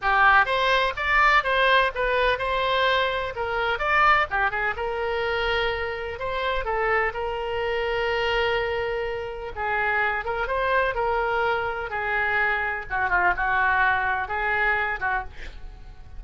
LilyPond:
\new Staff \with { instrumentName = "oboe" } { \time 4/4 \tempo 4 = 126 g'4 c''4 d''4 c''4 | b'4 c''2 ais'4 | d''4 g'8 gis'8 ais'2~ | ais'4 c''4 a'4 ais'4~ |
ais'1 | gis'4. ais'8 c''4 ais'4~ | ais'4 gis'2 fis'8 f'8 | fis'2 gis'4. fis'8 | }